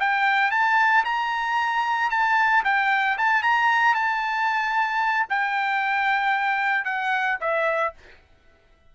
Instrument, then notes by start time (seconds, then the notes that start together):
trumpet
0.00 G5
0.52 A5
1.05 A#5
2.11 A5
2.65 G5
3.18 A5
3.43 A#5
3.95 A5
5.30 G5
6.85 F#5
7.41 E5